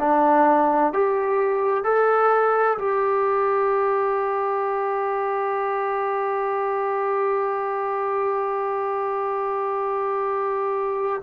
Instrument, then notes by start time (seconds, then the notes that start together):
trombone
0.00 D4
0.93 G4
1.85 A4
2.79 G4